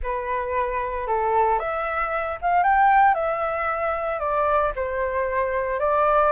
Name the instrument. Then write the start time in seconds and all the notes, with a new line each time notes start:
flute
0.03 B4
1.07 A4
1.59 E5
2.41 F5
2.63 G5
3.14 E5
4.19 D5
4.75 C5
5.79 D5